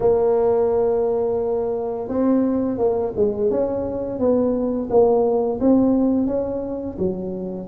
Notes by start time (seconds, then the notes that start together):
0.00 A#3
2.08 C4
2.78 A#3
3.16 G#3
3.50 C#4
4.19 B3
4.90 A#3
5.60 C4
6.26 C#4
6.98 F#3